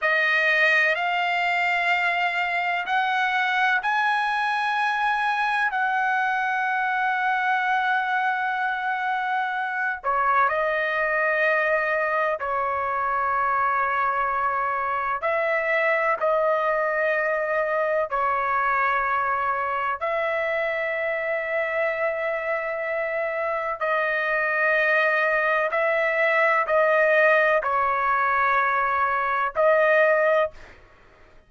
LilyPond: \new Staff \with { instrumentName = "trumpet" } { \time 4/4 \tempo 4 = 63 dis''4 f''2 fis''4 | gis''2 fis''2~ | fis''2~ fis''8 cis''8 dis''4~ | dis''4 cis''2. |
e''4 dis''2 cis''4~ | cis''4 e''2.~ | e''4 dis''2 e''4 | dis''4 cis''2 dis''4 | }